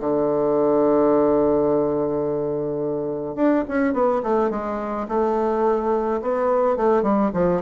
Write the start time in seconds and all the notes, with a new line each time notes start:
0.00 D3
3.36 D4
3.68 C#4
3.94 B3
4.23 A3
4.51 G#3
5.09 A3
6.22 B3
6.77 A3
7.03 G3
7.34 F3